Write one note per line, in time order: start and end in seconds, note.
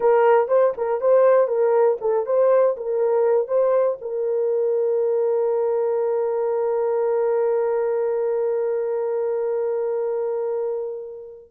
0.00 0.47 A#4
0.47 0.72 C5
0.77 1.00 A#4
1.00 1.47 C5
1.47 1.97 A#4
2.00 2.25 A4
2.25 2.75 C5
2.76 3.47 A#4
3.47 3.97 C5
4.01 11.51 A#4